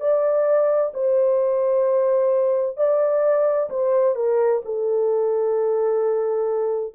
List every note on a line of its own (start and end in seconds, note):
0.00 0.92 D5
0.94 2.77 C5
2.77 3.69 D5
3.70 4.15 C5
4.15 4.62 A#4
4.65 6.94 A4